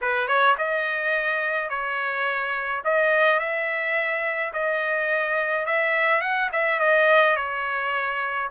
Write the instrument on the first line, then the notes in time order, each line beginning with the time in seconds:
trumpet
0.01 B4
0.27 C#5
0.58 D#5
1.69 C#5
2.84 D#5
3.39 E5
4.53 D#5
5.66 E5
6.21 F#5
6.52 E5
6.79 D#5
7.36 C#5